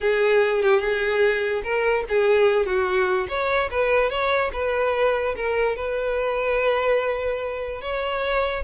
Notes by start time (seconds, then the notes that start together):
0.00 G#4
0.62 G4
0.80 G#4
1.63 A#4
2.08 G#4
2.65 F#4
3.28 C#5
3.71 B4
4.09 C#5
4.53 B4
5.36 A#4
5.76 B4
7.81 C#5